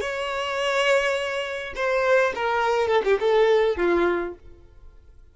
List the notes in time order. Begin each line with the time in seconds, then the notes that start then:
0.00 C#5
1.75 C5
2.35 A#4
2.87 A4
3.04 G4
3.20 A4
3.76 F4